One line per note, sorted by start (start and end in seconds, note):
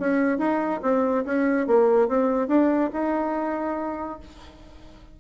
0.00 0.38 C#4
0.38 0.81 D#4
0.83 1.25 C4
1.25 1.67 C#4
1.67 2.09 A#3
2.09 2.48 C4
2.48 2.91 D4
2.93 4.20 D#4